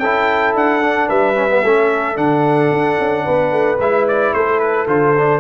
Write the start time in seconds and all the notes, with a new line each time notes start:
0.00 C#4 E4 A4 G5
0.55 D4 F#5
0.82 D4
1.08 G3 B4 E5
1.36 C#4
1.51 B3
1.64 A3 C#4 A4
2.16 D3 D4 F#5
2.72 D4
3.00 C#4
3.25 B3 B4
3.52 A3
3.79 G#3 E4 E5
4.08 D5
4.34 A3 A4 C5
4.60 B4
4.88 D3 F4 C5
5.18 D4